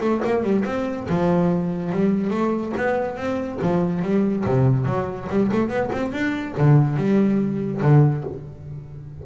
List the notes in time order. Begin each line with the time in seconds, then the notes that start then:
0.00 A3
0.24 A#3
0.43 G3
0.65 C4
1.09 F3
1.92 G3
2.30 A3
2.77 B3
3.16 C4
3.61 F3
4.02 G3
4.45 C3
4.85 F#3
5.29 G3
5.51 A3
5.68 B3
5.92 C4
6.12 D4
6.57 D3
6.96 G3
7.81 D3